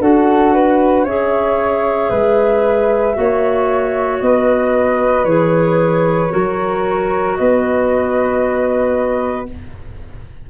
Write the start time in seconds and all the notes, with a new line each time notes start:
0.00 D4 F#4 A4 F#5
0.54 B4
1.04 C#4 G#4 C#5 E5
2.10 G#3 B4
3.15 A#3 F#4 C#5
4.19 B3 B4 D#5
5.25 E3 G#4 C#5
6.30 F#3 F#4 A#4
7.36 B3 B4 D#5